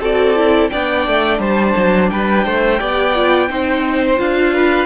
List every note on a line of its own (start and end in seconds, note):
0.00 0.70 C4
0.00 0.36 F#4
0.00 0.70 A4
0.00 0.69 D5
0.36 0.71 E4
0.69 1.07 B3
0.69 2.79 D4
0.69 1.40 D5
0.69 1.39 G5
1.07 1.39 A3
1.39 1.74 G3
1.39 2.10 C5
1.39 2.10 A5
1.76 2.11 F#3
2.10 2.46 G3
2.10 2.44 B4
2.10 4.19 G5
2.44 2.81 A3
2.44 2.79 C5
2.79 3.49 B3
2.79 3.14 G4
2.79 3.49 D5
3.15 3.49 F4
3.49 4.19 C4
3.49 4.17 D#4
3.49 4.54 C5
4.17 4.86 D4
4.17 4.86 F4
4.17 4.86 F5
4.54 4.86 B4